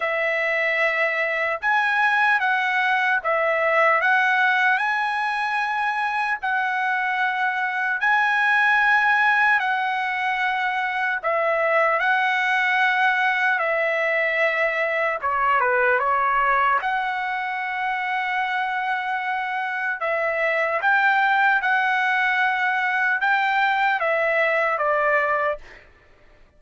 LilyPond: \new Staff \with { instrumentName = "trumpet" } { \time 4/4 \tempo 4 = 75 e''2 gis''4 fis''4 | e''4 fis''4 gis''2 | fis''2 gis''2 | fis''2 e''4 fis''4~ |
fis''4 e''2 cis''8 b'8 | cis''4 fis''2.~ | fis''4 e''4 g''4 fis''4~ | fis''4 g''4 e''4 d''4 | }